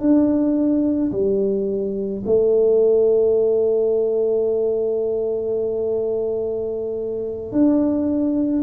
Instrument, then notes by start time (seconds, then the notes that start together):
tuba
0.00 D4
1.12 G3
2.25 A3
7.52 D4